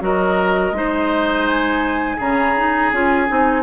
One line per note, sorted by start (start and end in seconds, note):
0.00 0.71 F#3
0.00 0.72 F#4
0.00 0.76 A#4
0.00 1.47 D#5
0.71 2.16 G#3
0.71 2.18 D#4
0.71 2.17 C5
1.47 2.19 G#5
2.17 2.92 C#3
2.17 2.55 C#4
2.17 3.61 G#4
2.17 2.92 A#5
2.56 2.92 D#4
2.92 3.28 C#4
2.92 3.27 F4
2.92 3.62 G#5
3.27 3.62 C4
3.27 3.62 D#4